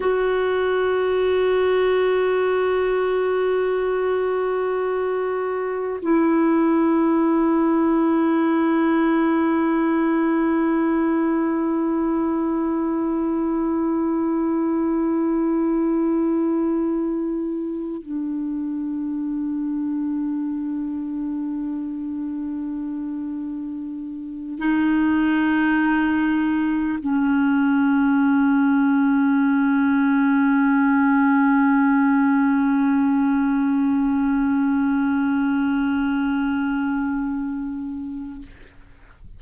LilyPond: \new Staff \with { instrumentName = "clarinet" } { \time 4/4 \tempo 4 = 50 fis'1~ | fis'4 e'2.~ | e'1~ | e'2. d'4~ |
d'1~ | d'8 dis'2 cis'4.~ | cis'1~ | cis'1 | }